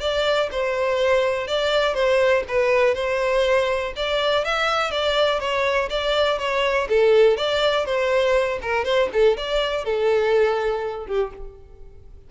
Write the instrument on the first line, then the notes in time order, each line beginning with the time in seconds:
violin
0.00 D5
0.51 C5
1.47 D5
1.94 C5
2.48 B4
2.94 C5
3.96 D5
4.44 E5
4.91 D5
5.40 C#5
5.90 D5
6.38 C#5
6.89 A4
7.37 D5
7.85 C5
8.61 A#4
8.84 C5
9.13 A4
9.37 D5
9.84 A4
11.06 G4